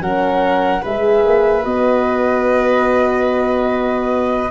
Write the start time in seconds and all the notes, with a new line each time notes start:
0.00 F#3 C#4 A#4 F#5
0.82 G#3 G#4 B4 E5
1.24 A#3
1.62 B3 F#4 D#5